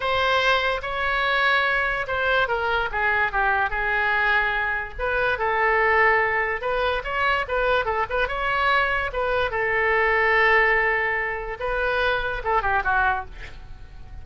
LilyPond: \new Staff \with { instrumentName = "oboe" } { \time 4/4 \tempo 4 = 145 c''2 cis''2~ | cis''4 c''4 ais'4 gis'4 | g'4 gis'2. | b'4 a'2. |
b'4 cis''4 b'4 a'8 b'8 | cis''2 b'4 a'4~ | a'1 | b'2 a'8 g'8 fis'4 | }